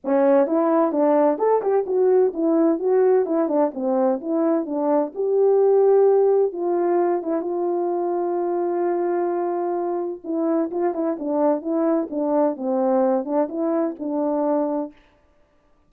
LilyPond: \new Staff \with { instrumentName = "horn" } { \time 4/4 \tempo 4 = 129 cis'4 e'4 d'4 a'8 g'8 | fis'4 e'4 fis'4 e'8 d'8 | c'4 e'4 d'4 g'4~ | g'2 f'4. e'8 |
f'1~ | f'2 e'4 f'8 e'8 | d'4 e'4 d'4 c'4~ | c'8 d'8 e'4 d'2 | }